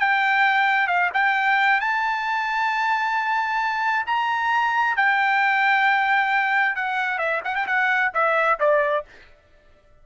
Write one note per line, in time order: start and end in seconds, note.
0.00 0.88 G5
0.88 1.10 F5
1.14 1.81 G5
1.81 4.06 A5
4.07 4.97 A#5
4.97 6.76 G5
6.76 7.19 F#5
7.19 7.41 E5
7.45 7.55 F#5
7.55 7.67 G5
7.67 8.12 F#5
8.14 8.60 E5
8.60 9.05 D5